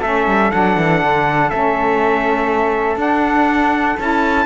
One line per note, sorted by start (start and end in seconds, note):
0.00 0.27 A3
0.00 0.52 C#4
0.00 4.46 A4
0.00 0.51 E5
0.27 0.51 G3
0.51 0.77 F#3
0.51 1.51 D4
0.51 1.50 F#5
0.77 1.01 E3
1.02 1.51 D3
1.50 2.96 A3
1.50 2.97 C#4
1.50 2.98 E5
2.96 3.95 D4
2.96 3.96 D4
2.96 4.00 F#5
3.99 4.46 C#4
3.99 4.46 E4
3.99 4.46 A5